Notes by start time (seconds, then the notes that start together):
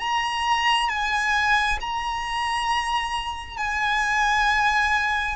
0.00 A#5
0.90 G#5
1.81 A#5
3.58 G#5